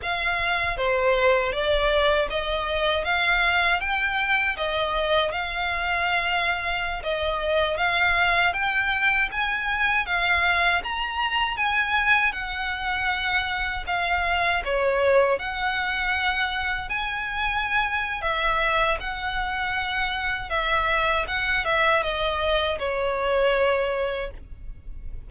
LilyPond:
\new Staff \with { instrumentName = "violin" } { \time 4/4 \tempo 4 = 79 f''4 c''4 d''4 dis''4 | f''4 g''4 dis''4 f''4~ | f''4~ f''16 dis''4 f''4 g''8.~ | g''16 gis''4 f''4 ais''4 gis''8.~ |
gis''16 fis''2 f''4 cis''8.~ | cis''16 fis''2 gis''4.~ gis''16 | e''4 fis''2 e''4 | fis''8 e''8 dis''4 cis''2 | }